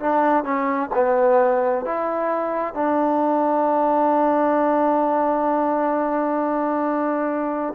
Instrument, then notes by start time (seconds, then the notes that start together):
trombone
0.00 D4
0.44 C#4
0.95 B3
1.86 E4
2.74 D4